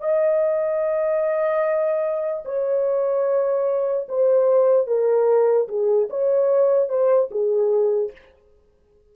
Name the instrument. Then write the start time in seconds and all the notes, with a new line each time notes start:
horn
0.00 D#5
2.45 C#5
4.08 C5
4.86 A#4
5.68 G#4
6.09 C#5
6.88 C5
7.30 G#4